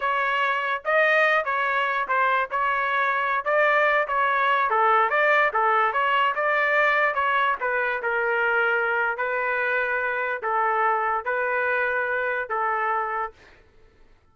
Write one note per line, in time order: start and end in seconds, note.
0.00 0.82 C#5
0.84 1.45 D#5
1.45 2.07 C#5
2.08 2.49 C5
2.51 3.44 C#5
3.44 4.07 D5
4.07 4.70 C#5
4.70 5.09 A4
5.09 5.51 D5
5.53 5.92 A4
5.92 6.34 C#5
6.35 7.14 D5
7.14 7.55 C#5
7.60 8.02 B4
8.02 9.17 A#4
9.17 10.42 B4
10.42 11.24 A4
11.24 12.49 B4
12.49 13.32 A4